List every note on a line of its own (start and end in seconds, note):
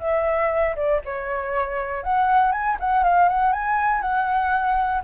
0.00 0.76 E5
0.76 1.01 D5
1.05 2.03 C#5
2.03 2.52 F#5
2.52 2.77 G#5
2.80 3.03 F#5
3.03 3.29 F5
3.29 3.53 F#5
3.53 4.02 G#5
4.02 5.03 F#5